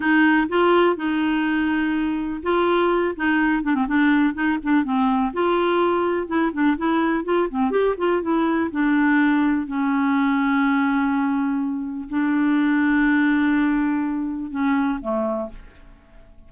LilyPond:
\new Staff \with { instrumentName = "clarinet" } { \time 4/4 \tempo 4 = 124 dis'4 f'4 dis'2~ | dis'4 f'4. dis'4 d'16 c'16 | d'4 dis'8 d'8 c'4 f'4~ | f'4 e'8 d'8 e'4 f'8 c'8 |
g'8 f'8 e'4 d'2 | cis'1~ | cis'4 d'2.~ | d'2 cis'4 a4 | }